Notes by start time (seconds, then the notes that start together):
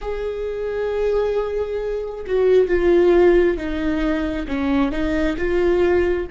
0.01 G#4
2.26 F#4
2.67 F4
3.57 D#4
4.47 C#4
4.91 D#4
5.37 F4